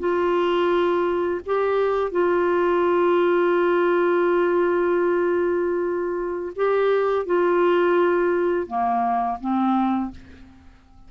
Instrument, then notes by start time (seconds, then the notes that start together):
clarinet
0.00 F4
1.46 G4
2.12 F4
6.56 G4
7.26 F4
8.68 A#3
9.41 C4